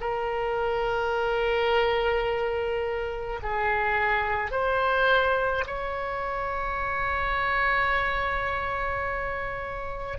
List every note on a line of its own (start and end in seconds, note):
0.00 3.40 A#4
3.42 4.51 G#4
4.51 5.64 C5
5.66 10.18 C#5